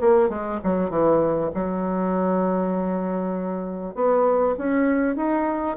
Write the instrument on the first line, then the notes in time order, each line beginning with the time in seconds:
bassoon
0.00 A#3
0.29 G#3
0.63 F#3
0.90 E3
1.54 F#3
3.94 B3
4.58 C#4
5.16 D#4